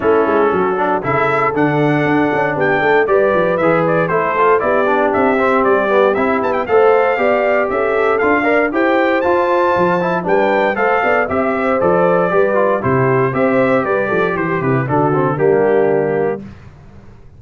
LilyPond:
<<
  \new Staff \with { instrumentName = "trumpet" } { \time 4/4 \tempo 4 = 117 a'2 e''4 fis''4~ | fis''4 g''4 d''4 e''8 d''8 | c''4 d''4 e''4 d''4 | e''8 a''16 g''16 f''2 e''4 |
f''4 g''4 a''2 | g''4 f''4 e''4 d''4~ | d''4 c''4 e''4 d''4 | c''8 b'8 a'4 g'2 | }
  \new Staff \with { instrumentName = "horn" } { \time 4/4 e'4 fis'4 a'2~ | a'4 g'8 a'8 b'2 | a'4 g'2.~ | g'4 c''4 d''4 a'4~ |
a'8 d''8 c''2. | b'4 c''8 d''8 e''8 c''4. | b'4 g'4 c''4 b'8 a'8 | g'8 e'8 fis'4 d'2 | }
  \new Staff \with { instrumentName = "trombone" } { \time 4/4 cis'4. d'8 e'4 d'4~ | d'2 g'4 gis'4 | e'8 f'8 e'8 d'4 c'4 b8 | e'4 a'4 g'2 |
f'8 ais'8 g'4 f'4. e'8 | d'4 a'4 g'4 a'4 | g'8 f'8 e'4 g'2~ | g'4 d'8 c'8 ais2 | }
  \new Staff \with { instrumentName = "tuba" } { \time 4/4 a8 gis8 fis4 cis4 d4 | d'8 cis'8 b8 a8 g8 f8 e4 | a4 b4 c'4 g4 | c'8 b8 a4 b4 cis'4 |
d'4 e'4 f'4 f4 | g4 a8 b8 c'4 f4 | g4 c4 c'4 g8 f8 | e8 c8 d4 g2 | }
>>